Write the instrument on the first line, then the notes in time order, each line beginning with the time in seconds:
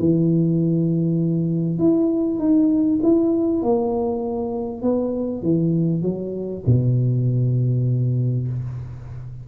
tuba
0.00 E3
1.79 E4
2.39 D#4
3.03 E4
3.63 A#3
4.82 B3
5.43 E3
6.02 F#3
6.66 B2